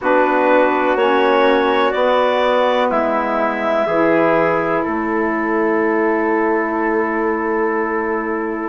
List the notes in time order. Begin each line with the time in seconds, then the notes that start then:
0.01 B3 D4 F#4 B4
0.95 A#3 C#4 C#5
1.91 B3 D5
2.90 G#3 E4 E5
3.86 E3 E4 G#4
4.83 A3 A4 C#5